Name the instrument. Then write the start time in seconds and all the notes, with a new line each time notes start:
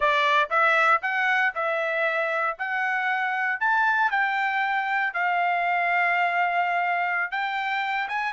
trumpet
0.00 D5
0.49 E5
1.01 F#5
1.54 E5
2.58 F#5
3.59 A5
4.10 G5
5.13 F5
7.31 G5
8.08 G#5